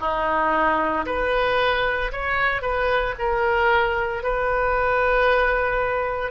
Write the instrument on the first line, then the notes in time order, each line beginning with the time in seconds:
oboe
0.00 D#4
1.06 B4
2.12 C#5
2.62 B4
3.19 A#4
4.23 B4